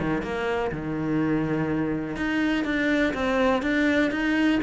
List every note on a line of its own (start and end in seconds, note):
0.00 0.22 D#3
0.22 0.71 A#3
0.71 2.16 D#3
2.16 2.65 D#4
2.65 3.14 D4
3.14 3.62 C4
3.62 4.11 D4
4.11 4.60 D#4